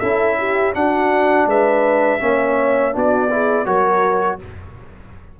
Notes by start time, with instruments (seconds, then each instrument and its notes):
0.00 tuba C#4, trombone E4, horn A4, trumpet E5
0.39 horn G4
0.73 trombone D4, tuba D4, horn F#4, trumpet F#5
1.46 tuba G#3, horn B4, trumpet E5
2.20 tuba A#3, trombone C#4, horn C#5
2.93 tuba B3, trombone D4, horn F#4, trumpet D5
3.30 trombone E4, horn G#4
3.66 tuba F#3, trombone F#4, horn A#4, trumpet C#5